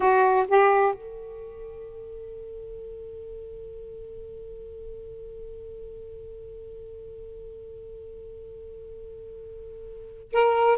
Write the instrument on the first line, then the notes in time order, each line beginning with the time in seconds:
saxophone
0.00 F#4
0.48 G4
0.94 A4
10.32 A#4